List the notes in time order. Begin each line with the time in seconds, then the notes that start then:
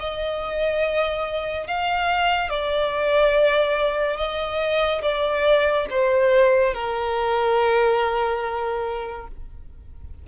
0.00 D#5
1.67 F5
2.50 D5
4.17 D#5
5.02 D5
5.90 C5
6.74 A#4